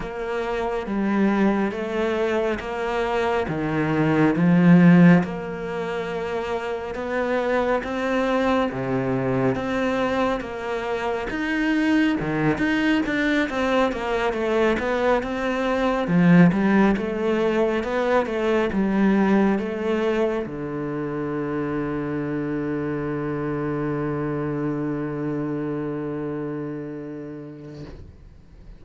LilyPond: \new Staff \with { instrumentName = "cello" } { \time 4/4 \tempo 4 = 69 ais4 g4 a4 ais4 | dis4 f4 ais2 | b4 c'4 c4 c'4 | ais4 dis'4 dis8 dis'8 d'8 c'8 |
ais8 a8 b8 c'4 f8 g8 a8~ | a8 b8 a8 g4 a4 d8~ | d1~ | d1 | }